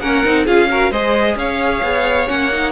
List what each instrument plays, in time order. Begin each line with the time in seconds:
0.00 cello A#3, viola C#4, violin A#4 F#5
0.24 cello C4, viola D#4
0.45 cello C#4, viola F4, violin G#4 F5
0.69 viola F#4, violin A#4
0.91 cello G#3, viola G#4, violin C5 D#5
1.35 cello C#4, violin C#5 F5
1.82 cello B3
2.27 cello A#3, viola C#4, violin F#5
2.52 viola D#4